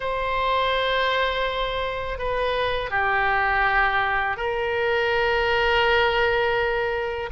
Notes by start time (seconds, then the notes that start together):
0.00 C5
2.18 B4
2.90 G4
4.37 A#4